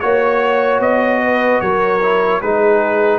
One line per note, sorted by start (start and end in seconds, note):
0.00 0.80 A#3
0.00 2.01 F#4
0.00 0.80 C#5
0.00 1.23 C#5
0.80 1.60 B3
0.80 1.61 D#5
1.24 1.62 B4
1.61 2.42 F#3
1.61 2.43 A#4
1.61 2.41 C#5
2.02 2.43 E4
2.42 3.20 G#3
2.42 3.20 D#4
2.42 3.20 G#4
2.42 3.20 B4